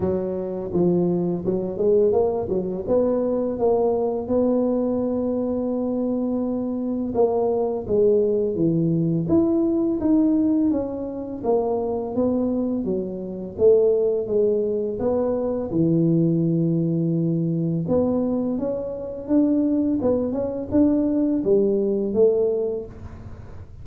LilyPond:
\new Staff \with { instrumentName = "tuba" } { \time 4/4 \tempo 4 = 84 fis4 f4 fis8 gis8 ais8 fis8 | b4 ais4 b2~ | b2 ais4 gis4 | e4 e'4 dis'4 cis'4 |
ais4 b4 fis4 a4 | gis4 b4 e2~ | e4 b4 cis'4 d'4 | b8 cis'8 d'4 g4 a4 | }